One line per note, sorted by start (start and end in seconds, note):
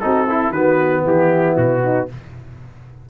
0.00 0.50 C4
0.00 0.27 D#4
0.00 0.27 F#4
0.00 0.52 A4
0.27 0.52 E4
0.27 0.54 E4
0.50 1.02 D#3
0.50 2.09 B3
0.50 1.04 F#4
0.50 1.03 B4
1.04 1.56 E3
1.04 1.83 E4
1.04 1.56 G4
1.56 2.09 B2
1.56 2.08 F#4
1.84 2.09 D#4